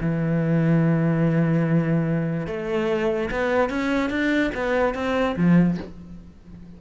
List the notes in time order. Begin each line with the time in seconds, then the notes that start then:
0.00 E3
2.47 A3
3.30 B3
3.69 C#4
4.10 D4
4.54 B3
4.94 C4
5.36 F3